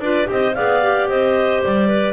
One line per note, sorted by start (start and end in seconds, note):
0.00 0.27 D4
0.00 0.25 F4
0.00 0.29 B4
0.00 0.27 D5
0.25 0.56 C4
0.25 0.52 G4
0.25 0.56 C5
0.25 0.54 D#5
0.54 1.09 B3
0.54 0.82 G#4
0.54 1.09 D5
0.54 1.07 F5
0.82 2.13 G4
1.09 1.62 C4
1.09 1.88 C5
1.09 1.62 D#5
1.63 2.13 G3
1.63 2.13 D5
1.88 2.13 B4